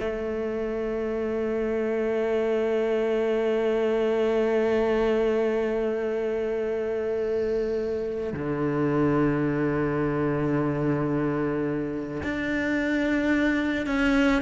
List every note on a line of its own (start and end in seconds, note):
0.00 8.33 A3
8.33 12.22 D3
12.23 13.86 D4
13.86 14.42 C#4